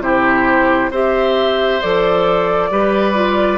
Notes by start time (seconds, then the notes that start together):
0.00 C3 E4 G4 C5
0.91 C4 G4 C5 E5
1.82 F3 A4 D5
2.71 G3 G4 B4
3.15 F4